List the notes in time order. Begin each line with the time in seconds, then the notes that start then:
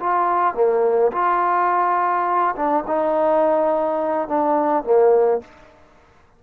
0.00 F4
0.55 A#3
1.12 F4
2.56 D4
2.87 D#4
4.29 D4
4.84 A#3